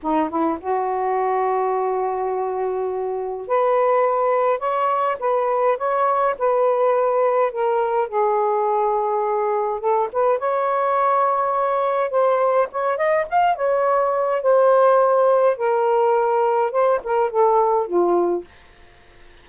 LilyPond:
\new Staff \with { instrumentName = "saxophone" } { \time 4/4 \tempo 4 = 104 dis'8 e'8 fis'2.~ | fis'2 b'2 | cis''4 b'4 cis''4 b'4~ | b'4 ais'4 gis'2~ |
gis'4 a'8 b'8 cis''2~ | cis''4 c''4 cis''8 dis''8 f''8 cis''8~ | cis''4 c''2 ais'4~ | ais'4 c''8 ais'8 a'4 f'4 | }